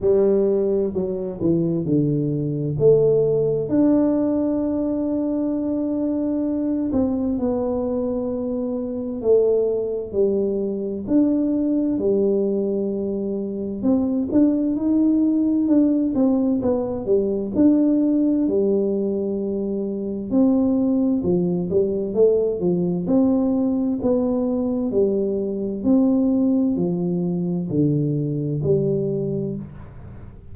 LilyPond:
\new Staff \with { instrumentName = "tuba" } { \time 4/4 \tempo 4 = 65 g4 fis8 e8 d4 a4 | d'2.~ d'8 c'8 | b2 a4 g4 | d'4 g2 c'8 d'8 |
dis'4 d'8 c'8 b8 g8 d'4 | g2 c'4 f8 g8 | a8 f8 c'4 b4 g4 | c'4 f4 d4 g4 | }